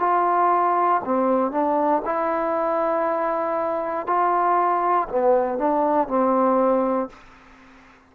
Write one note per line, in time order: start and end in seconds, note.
0.00 1.02 F4
1.05 1.52 C4
1.52 2.02 D4
2.05 4.07 E4
4.07 5.08 F4
5.09 5.58 B3
5.58 6.08 D4
6.08 7.10 C4